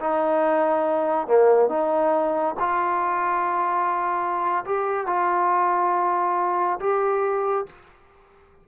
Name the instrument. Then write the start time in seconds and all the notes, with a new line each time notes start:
trombone
0.00 D#4
1.28 A#3
1.69 D#4
2.60 F4
4.65 G4
5.07 F4
6.80 G4